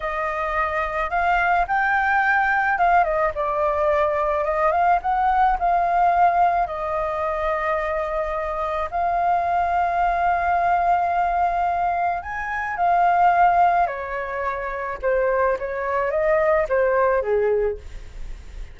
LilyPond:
\new Staff \with { instrumentName = "flute" } { \time 4/4 \tempo 4 = 108 dis''2 f''4 g''4~ | g''4 f''8 dis''8 d''2 | dis''8 f''8 fis''4 f''2 | dis''1 |
f''1~ | f''2 gis''4 f''4~ | f''4 cis''2 c''4 | cis''4 dis''4 c''4 gis'4 | }